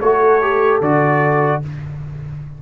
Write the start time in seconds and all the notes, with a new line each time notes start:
0.00 A3 F#4 A4 C#5
0.42 G4
0.81 D3 F#4 D5